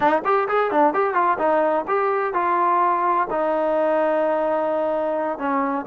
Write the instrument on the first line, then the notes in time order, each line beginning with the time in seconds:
trombone
0.00 D#4
0.24 G4
0.48 G#4
0.71 D4
0.93 G4
1.14 F4
1.38 D#4
1.87 G4
2.33 F4
3.30 D#4
5.38 C#4